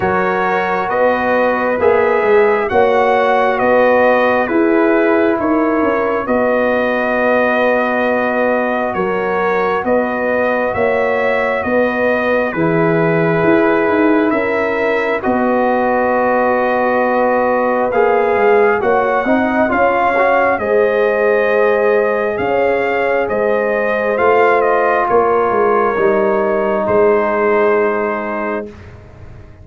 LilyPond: <<
  \new Staff \with { instrumentName = "trumpet" } { \time 4/4 \tempo 4 = 67 cis''4 dis''4 e''4 fis''4 | dis''4 b'4 cis''4 dis''4~ | dis''2 cis''4 dis''4 | e''4 dis''4 b'2 |
e''4 dis''2. | f''4 fis''4 f''4 dis''4~ | dis''4 f''4 dis''4 f''8 dis''8 | cis''2 c''2 | }
  \new Staff \with { instrumentName = "horn" } { \time 4/4 ais'4 b'2 cis''4 | b'4 gis'4 ais'4 b'4~ | b'2 ais'4 b'4 | cis''4 b'4 gis'2 |
ais'4 b'2.~ | b'4 cis''8 dis''8 cis''4 c''4~ | c''4 cis''4 c''2 | ais'2 gis'2 | }
  \new Staff \with { instrumentName = "trombone" } { \time 4/4 fis'2 gis'4 fis'4~ | fis'4 e'2 fis'4~ | fis'1~ | fis'2 e'2~ |
e'4 fis'2. | gis'4 fis'8 dis'8 f'8 fis'8 gis'4~ | gis'2. f'4~ | f'4 dis'2. | }
  \new Staff \with { instrumentName = "tuba" } { \time 4/4 fis4 b4 ais8 gis8 ais4 | b4 e'4 dis'8 cis'8 b4~ | b2 fis4 b4 | ais4 b4 e4 e'8 dis'8 |
cis'4 b2. | ais8 gis8 ais8 c'8 cis'4 gis4~ | gis4 cis'4 gis4 a4 | ais8 gis8 g4 gis2 | }
>>